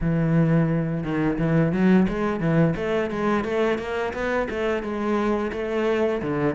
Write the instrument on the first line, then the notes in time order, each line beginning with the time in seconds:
cello
0.00 E3
1.03 D#3
1.38 E3
1.72 F#3
2.08 G#3
2.39 E3
2.76 A3
3.10 G#3
3.44 A3
3.78 A#3
4.13 B3
4.50 A3
4.82 G#3
5.52 A3
6.22 D3